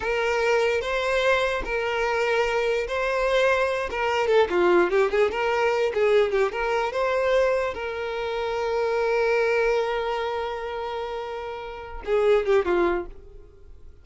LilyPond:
\new Staff \with { instrumentName = "violin" } { \time 4/4 \tempo 4 = 147 ais'2 c''2 | ais'2. c''4~ | c''4. ais'4 a'8 f'4 | g'8 gis'8 ais'4. gis'4 g'8 |
ais'4 c''2 ais'4~ | ais'1~ | ais'1~ | ais'4. gis'4 g'8 f'4 | }